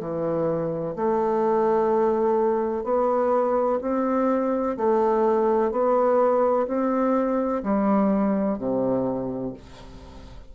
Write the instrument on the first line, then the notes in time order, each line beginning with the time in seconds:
bassoon
0.00 E3
0.96 A3
2.84 B3
3.82 C4
4.77 A3
5.72 B3
6.68 C4
7.63 G3
8.58 C3